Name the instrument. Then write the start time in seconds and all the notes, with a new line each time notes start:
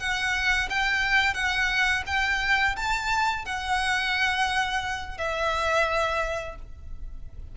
violin
0.00 F#5
0.70 G5
1.34 F#5
2.07 G5
2.76 A5
3.45 F#5
5.18 E5